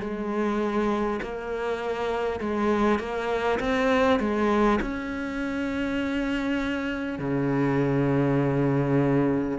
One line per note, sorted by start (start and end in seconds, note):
0.00 1.20 G#3
1.22 2.40 A#3
2.40 2.99 G#3
2.99 3.59 A#3
3.60 4.19 C4
4.19 4.79 G#3
4.82 7.19 C#4
7.19 9.59 C#3